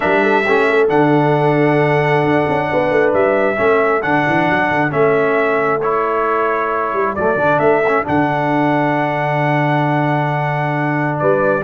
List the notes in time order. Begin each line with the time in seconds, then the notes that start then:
0.00 G3 D4 A#4 E5
0.22 A4
0.44 A3 C#4 G4
0.68 A4
0.88 D3 D4 F#5
2.23 D4
2.49 C#4
2.71 B3 B4
2.90 A3
3.13 G3 E5
3.56 A3 C#4 A4
4.01 D3 D4 F#5
4.27 E3
4.49 F#3
4.69 D3
4.90 A3 C#4 E5
5.81 E4 C#5
6.93 G3
7.15 F#3 A3 D5
7.36 D3 D4
7.59 A3 E5
7.87 C#4
8.03 D3 D4 F#5
11.18 G3 B4 D5